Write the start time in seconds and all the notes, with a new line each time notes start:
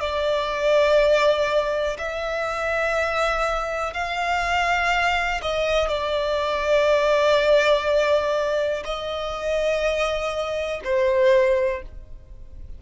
0.00 D5
1.98 E5
3.93 F5
5.41 D#5
5.88 D5
8.84 D#5
10.84 C5